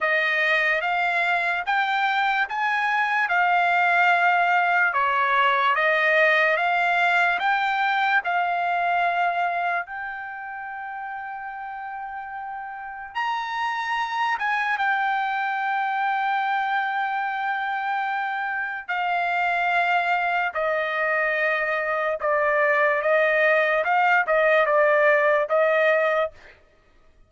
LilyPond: \new Staff \with { instrumentName = "trumpet" } { \time 4/4 \tempo 4 = 73 dis''4 f''4 g''4 gis''4 | f''2 cis''4 dis''4 | f''4 g''4 f''2 | g''1 |
ais''4. gis''8 g''2~ | g''2. f''4~ | f''4 dis''2 d''4 | dis''4 f''8 dis''8 d''4 dis''4 | }